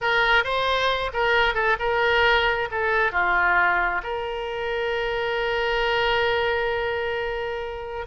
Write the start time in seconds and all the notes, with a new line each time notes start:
0.01 A#4
0.44 C5
1.13 A#4
1.54 A4
1.79 A#4
2.71 A4
3.12 F4
4.03 A#4